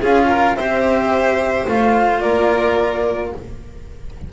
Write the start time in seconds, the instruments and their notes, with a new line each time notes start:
0.00 double bass C#4, cello F4, violin G#4, flute F5
0.28 violin A#4
0.55 double bass C4, cello G4, violin C5, flute E5
1.67 double bass A3, cello F4, flute F5
2.20 double bass A#3, violin A#4, flute D5